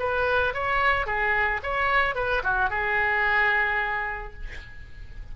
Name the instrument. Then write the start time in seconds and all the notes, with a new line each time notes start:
oboe
0.00 B4
0.55 C#5
1.07 G#4
1.64 C#5
2.15 B4
2.44 F#4
2.70 G#4